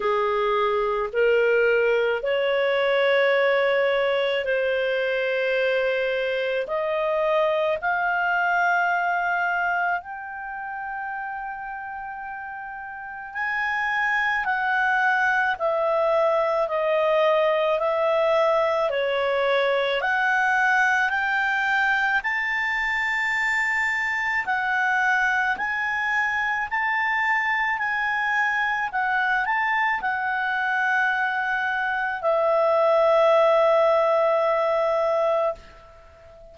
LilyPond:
\new Staff \with { instrumentName = "clarinet" } { \time 4/4 \tempo 4 = 54 gis'4 ais'4 cis''2 | c''2 dis''4 f''4~ | f''4 g''2. | gis''4 fis''4 e''4 dis''4 |
e''4 cis''4 fis''4 g''4 | a''2 fis''4 gis''4 | a''4 gis''4 fis''8 a''8 fis''4~ | fis''4 e''2. | }